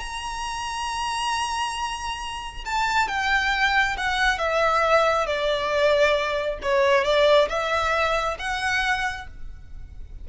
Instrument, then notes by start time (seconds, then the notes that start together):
violin
0.00 A#5
2.66 A5
3.09 G5
3.98 F#5
4.39 E5
5.27 D5
6.63 C#5
7.05 D5
7.49 E5
8.39 F#5